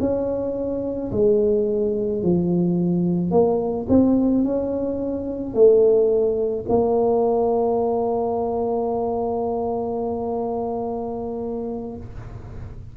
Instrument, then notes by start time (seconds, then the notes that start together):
tuba
0.00 C#4
1.12 G#3
2.23 F3
3.31 A#3
3.89 C4
4.44 C#4
5.54 A3
6.69 A#3